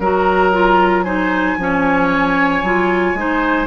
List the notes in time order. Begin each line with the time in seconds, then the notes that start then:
0.00 F#3 F#4 A#4 A#5
0.52 F4
1.03 D#4 C5 G#5
1.57 F3 C#4 C#5
2.62 F#3 F4
3.14 G#3 D#4 C5